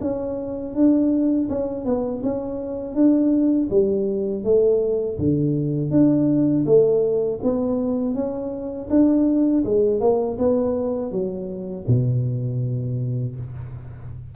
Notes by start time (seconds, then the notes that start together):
0.00 C#4
0.74 D4
1.49 C#4
1.85 B3
2.23 C#4
2.94 D4
3.70 G3
4.43 A3
5.18 D3
5.90 D4
6.65 A3
7.42 B3
8.14 C#4
8.90 D4
9.64 G#3
10.00 A#3
10.38 B3
11.11 F#3
11.87 B2